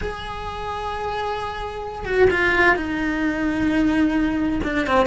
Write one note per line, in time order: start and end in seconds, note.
0.01 2.05 G#4
2.05 2.28 F#4
2.30 2.76 F4
2.76 4.60 D#4
4.63 4.86 D4
4.86 5.06 C4